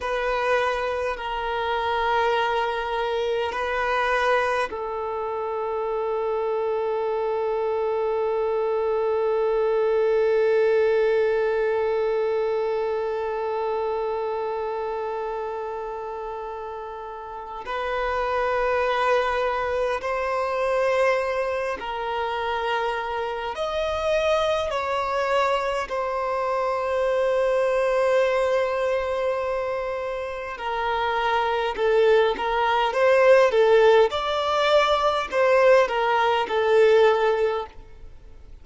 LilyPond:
\new Staff \with { instrumentName = "violin" } { \time 4/4 \tempo 4 = 51 b'4 ais'2 b'4 | a'1~ | a'1~ | a'2. b'4~ |
b'4 c''4. ais'4. | dis''4 cis''4 c''2~ | c''2 ais'4 a'8 ais'8 | c''8 a'8 d''4 c''8 ais'8 a'4 | }